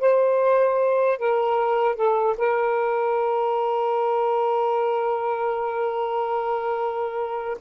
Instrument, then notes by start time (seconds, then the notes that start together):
saxophone
0.00 C5
1.19 A#4
1.96 A4
2.37 A#4